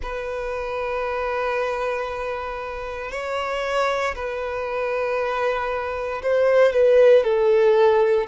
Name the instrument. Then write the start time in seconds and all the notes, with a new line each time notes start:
violin
0.02 B4
3.11 C#5
4.15 B4
6.22 C5
6.72 B4
7.24 A4